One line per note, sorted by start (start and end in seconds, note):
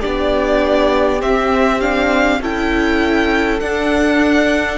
0.00 1.24 B3
0.00 1.20 D4
0.00 2.40 G4
0.00 1.22 D5
1.20 1.80 C4
1.20 2.40 C4
1.20 1.81 E5
1.81 2.41 D4
1.81 2.41 F5
2.40 3.60 C#4
2.40 3.61 E4
2.40 4.78 A4
2.40 3.60 G5
3.60 4.78 D4
3.60 4.78 F#5